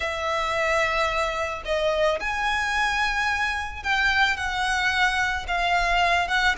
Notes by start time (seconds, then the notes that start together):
0.00 E5
1.65 D#5
2.20 G#5
3.83 G5
4.37 F#5
5.47 F5
6.28 F#5